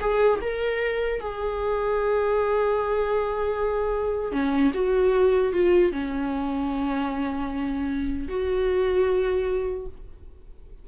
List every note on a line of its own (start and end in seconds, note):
0.00 0.39 G#4
0.41 1.20 A#4
1.20 4.32 G#4
4.32 4.72 C#4
4.74 5.52 F#4
5.52 5.92 F4
5.92 8.28 C#4
8.28 9.86 F#4